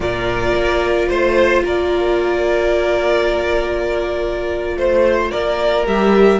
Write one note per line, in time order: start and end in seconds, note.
0.00 0.53 A#2
0.00 5.84 F4
0.00 1.08 A#4
0.00 1.09 D5
0.55 1.09 A#3
1.08 1.62 A3
1.08 1.62 C5
1.08 1.64 C5
1.62 4.76 A#3
1.62 4.77 A#4
1.62 4.77 D5
4.76 5.31 A3
4.76 5.31 C5
5.31 5.86 A#3
5.31 6.39 A#4
5.31 5.85 D5
5.86 6.39 G3
5.86 6.39 G4
5.86 6.39 E5